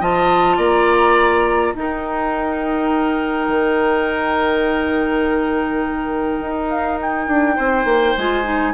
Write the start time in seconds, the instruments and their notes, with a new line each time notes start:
0.00 bassoon F3, clarinet F4, oboe D#5, flute A5
0.57 bassoon A#3, oboe D5, flute A#5
1.74 bassoon D#4, clarinet D#4, oboe A#4, flute G5
3.48 bassoon D#3
6.40 bassoon D#4
6.70 flute F5
7.01 flute G5
7.27 bassoon D4
7.56 bassoon C4, oboe C5
7.85 bassoon A#3
8.17 bassoon G#3, clarinet F4, flute G#5
8.43 clarinet D#4